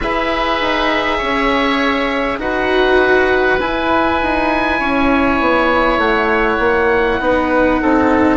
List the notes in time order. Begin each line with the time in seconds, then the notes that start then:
0.00 E4 G#4 B4 E5
0.60 D#4
1.18 C#4 C#5
2.38 D#4 F#4 B4 F#5
3.60 E4 G#5
4.21 D#4
4.79 C#4 C#5
5.40 B3
5.97 A3 F#5
6.58 A#3
7.20 B3 D#4 B4
7.81 C4 A4